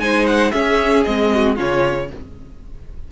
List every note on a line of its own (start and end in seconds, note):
0.00 0.52 G#3
0.00 0.52 D#4
0.00 0.53 C5
0.00 0.26 G#5
0.27 0.52 F#5
0.52 1.05 C#4
0.52 1.06 C#4
0.52 1.31 G#4
0.52 1.04 E5
1.04 1.59 G#3
1.04 1.57 C4
1.04 1.57 D#5
1.34 1.56 F#4
1.56 2.11 C#3
1.56 2.09 C#4
1.56 2.08 F4
1.56 2.12 C#5